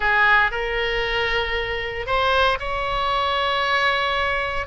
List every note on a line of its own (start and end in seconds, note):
0.00 0.51 G#4
0.51 2.06 A#4
2.06 2.58 C5
2.59 4.66 C#5